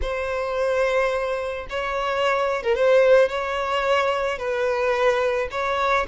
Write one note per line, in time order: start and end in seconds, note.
0.01 1.66 C5
1.69 2.62 C#5
2.62 2.75 A#4
2.75 3.28 C5
3.28 4.38 C#5
4.38 5.48 B4
5.51 6.06 C#5